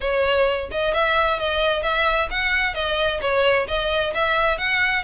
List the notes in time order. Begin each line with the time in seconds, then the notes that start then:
0.00 C#5
0.71 D#5
0.94 E5
1.39 D#5
1.82 E5
2.30 F#5
2.74 D#5
3.21 C#5
3.67 D#5
4.14 E5
4.58 F#5